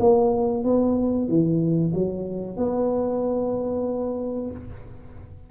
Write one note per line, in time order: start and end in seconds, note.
0.00 0.64 A#3
0.64 1.28 B3
1.28 1.93 E3
1.94 2.57 F#3
2.57 4.51 B3